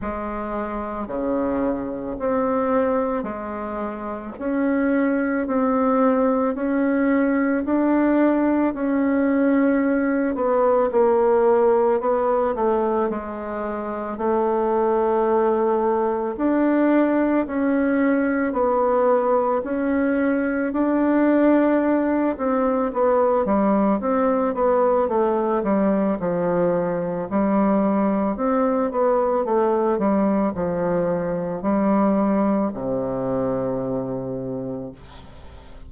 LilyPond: \new Staff \with { instrumentName = "bassoon" } { \time 4/4 \tempo 4 = 55 gis4 cis4 c'4 gis4 | cis'4 c'4 cis'4 d'4 | cis'4. b8 ais4 b8 a8 | gis4 a2 d'4 |
cis'4 b4 cis'4 d'4~ | d'8 c'8 b8 g8 c'8 b8 a8 g8 | f4 g4 c'8 b8 a8 g8 | f4 g4 c2 | }